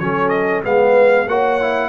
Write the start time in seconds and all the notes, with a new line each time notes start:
0.00 F#3 C#4 A4 C#5
0.30 D#5
0.64 G#3 B3 B4 F5
1.27 A#3 F#4 C#5 F#5
1.61 E4